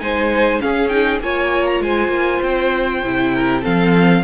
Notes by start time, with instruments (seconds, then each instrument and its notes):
0.00 cello G#3, viola D#4, violin C5 G#5
0.60 viola C#4, cello C#4, violin G#4 F5
0.89 viola D#4, violin G5
1.20 cello A#3, viola F4, violin C#5 G#5
1.67 violin A#5
1.80 cello G#3, violin C5 G#5
2.09 cello A#3
2.43 cello C4, violin G5
3.03 cello C3, viola E4
3.35 violin A#4
3.62 cello F3, viola C4, violin A4 F5